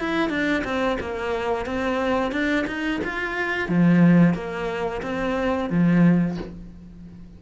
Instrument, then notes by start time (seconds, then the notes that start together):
cello
0.00 E4
0.30 D4
0.64 C4
1.00 A#3
1.66 C4
2.32 D4
2.67 D#4
3.04 F4
3.69 F3
4.34 A#3
5.03 C4
5.70 F3